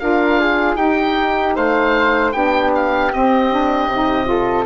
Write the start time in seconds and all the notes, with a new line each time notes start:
0.00 D4 F4 A#4 F5
0.40 G#4
0.75 D#4 G4 G5
1.56 A3 C5 F5
2.32 B3 D4 G4 G5
2.76 F5
3.12 C4 D#5
3.51 D4
3.88 C3 D#4
4.26 F4 A4